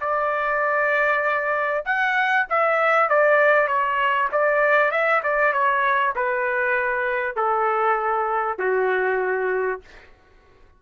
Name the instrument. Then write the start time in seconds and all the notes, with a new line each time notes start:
trumpet
0.00 D5
1.85 F#5
2.49 E5
3.09 D5
3.67 C#5
4.32 D5
4.91 E5
5.23 D5
5.52 C#5
6.15 B4
7.36 A4
8.58 F#4